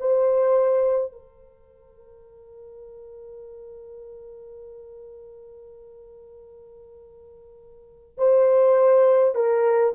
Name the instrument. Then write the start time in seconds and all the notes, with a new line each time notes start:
horn
0.00 C5
1.12 A#4
8.18 C5
9.35 A#4